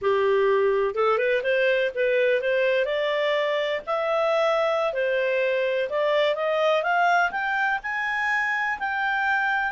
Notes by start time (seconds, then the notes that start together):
0.01 G4
0.94 A4
1.18 B4
1.43 C5
1.94 B4
2.41 C5
2.85 D5
3.86 E5
4.93 C5
5.89 D5
6.35 D#5
6.82 F5
7.31 G5
7.82 G#5
8.79 G5